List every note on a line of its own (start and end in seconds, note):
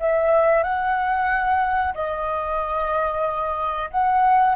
0.00 0.63 E5
0.63 1.94 F#5
1.94 3.90 D#5
3.90 4.55 F#5